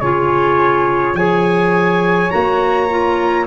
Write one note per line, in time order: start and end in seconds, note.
0.00 1.13 C#3
0.00 1.16 F4
0.00 1.16 G#4
0.00 1.15 C#5
1.13 2.29 F3
1.13 2.30 G#4
1.13 3.46 C#5
1.13 2.30 G#5
2.30 3.46 A#3
2.30 2.87 F#4
2.30 3.46 A#5
2.89 3.46 F4